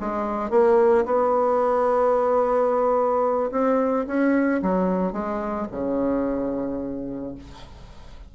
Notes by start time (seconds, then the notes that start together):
0.00 G#3
0.50 A#3
1.05 B3
3.52 C4
4.07 C#4
4.62 F#3
5.12 G#3
5.71 C#3